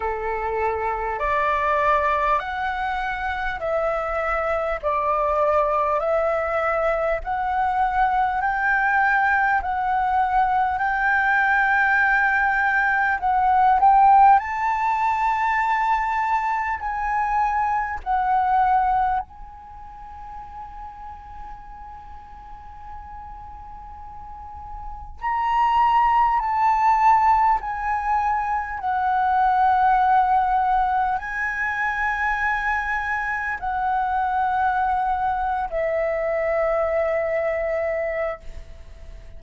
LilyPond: \new Staff \with { instrumentName = "flute" } { \time 4/4 \tempo 4 = 50 a'4 d''4 fis''4 e''4 | d''4 e''4 fis''4 g''4 | fis''4 g''2 fis''8 g''8 | a''2 gis''4 fis''4 |
gis''1~ | gis''4 ais''4 a''4 gis''4 | fis''2 gis''2 | fis''4.~ fis''16 e''2~ e''16 | }